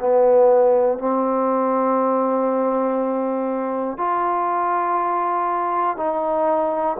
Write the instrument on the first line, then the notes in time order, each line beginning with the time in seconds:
trombone
0.00 B3
0.98 C4
3.98 F4
5.97 D#4